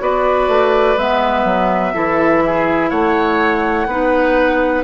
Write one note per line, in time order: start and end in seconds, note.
0.00 0.48 B3
0.00 0.97 F#4
0.00 1.95 B4
0.00 0.98 D5
0.48 0.97 A3
0.97 1.45 G#3
0.97 1.94 B3
0.97 2.90 E5
1.45 1.93 F#3
1.94 2.92 E3
1.94 3.88 E4
1.94 2.43 A4
2.46 2.91 G#4
2.90 3.87 A3
2.90 3.87 C#5
2.90 4.84 F#5
3.87 4.83 B3
3.87 4.85 D#4
3.87 4.85 B4